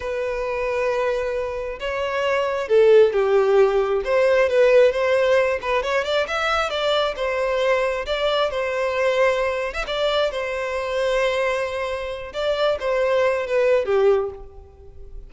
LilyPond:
\new Staff \with { instrumentName = "violin" } { \time 4/4 \tempo 4 = 134 b'1 | cis''2 a'4 g'4~ | g'4 c''4 b'4 c''4~ | c''8 b'8 cis''8 d''8 e''4 d''4 |
c''2 d''4 c''4~ | c''4.~ c''16 e''16 d''4 c''4~ | c''2.~ c''8 d''8~ | d''8 c''4. b'4 g'4 | }